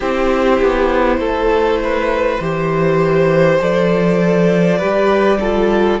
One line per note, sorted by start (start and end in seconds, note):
0.00 0.60 C4
0.00 2.41 E4
0.00 1.18 G4
0.00 3.60 C5
0.61 1.18 B3
1.18 2.38 A3
1.18 1.79 A4
1.83 2.43 B4
2.40 3.60 E3
2.40 3.59 G4
2.40 4.78 C5
3.59 4.81 F3
3.59 4.79 A4
3.59 6.00 D5
4.78 6.00 G3
4.78 5.40 G4
4.78 5.38 B4
5.40 6.00 F4
5.40 6.00 A4